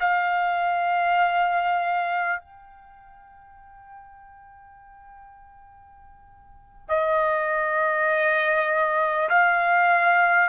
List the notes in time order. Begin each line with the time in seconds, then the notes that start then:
0.00 F5
2.40 G5
6.89 D#5
9.29 F5